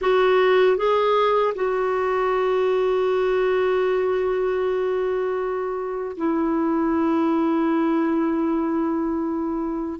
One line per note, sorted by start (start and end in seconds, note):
0.01 0.77 F#4
0.77 1.53 G#4
1.55 6.16 F#4
6.16 9.99 E4